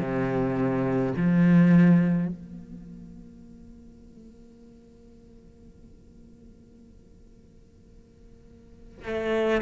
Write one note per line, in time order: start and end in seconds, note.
0.00 1.13 C3
1.17 2.28 F3
2.28 9.07 A#3
9.07 9.62 A3